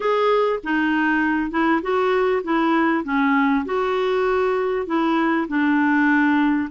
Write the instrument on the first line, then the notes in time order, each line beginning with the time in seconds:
clarinet
0.00 G#4
0.63 D#4
1.50 E4
1.82 F#4
2.43 E4
3.04 C#4
3.65 F#4
4.86 E4
5.48 D4